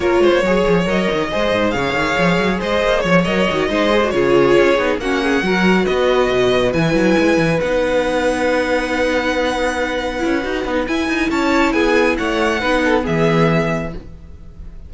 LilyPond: <<
  \new Staff \with { instrumentName = "violin" } { \time 4/4 \tempo 4 = 138 cis''2 dis''2 | f''2 dis''4 cis''8 dis''8~ | dis''4. cis''2 fis''8~ | fis''4. dis''2 gis''8~ |
gis''4. fis''2~ fis''8~ | fis''1~ | fis''4 gis''4 a''4 gis''4 | fis''2 e''2 | }
  \new Staff \with { instrumentName = "violin" } { \time 4/4 ais'8 c''8 cis''2 c''4 | cis''2 c''4 cis''4~ | cis''8 c''4 gis'2 fis'8 | gis'8 ais'4 b'2~ b'8~ |
b'1~ | b'1~ | b'2 cis''4 gis'4 | cis''4 b'8 a'8 gis'2 | }
  \new Staff \with { instrumentName = "viola" } { \time 4/4 f'4 gis'4 ais'4 gis'4~ | gis'2.~ gis'8 ais'8 | fis'8 dis'8 gis'16 fis'16 f'4. dis'8 cis'8~ | cis'8 fis'2. e'8~ |
e'4. dis'2~ dis'8~ | dis'2.~ dis'8 e'8 | fis'8 dis'8 e'2.~ | e'4 dis'4 b2 | }
  \new Staff \with { instrumentName = "cello" } { \time 4/4 ais8 gis16 ais16 fis8 f8 fis8 dis8 gis8 gis,8 | cis8 dis8 f8 fis8 gis8 ais8 f8 fis8 | dis8 gis4 cis4 cis'8 b8 ais8~ | ais8 fis4 b4 b,4 e8 |
fis8 gis8 e8 b2~ b8~ | b2.~ b8 cis'8 | dis'8 b8 e'8 dis'8 cis'4 b4 | a4 b4 e2 | }
>>